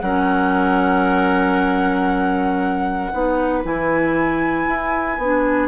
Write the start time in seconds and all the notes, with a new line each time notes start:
0.00 F#3 C#4 A#4 F#5
3.12 B3 D#4 B4
3.63 E3 E4 G#5
4.67 E4
5.18 B3 D4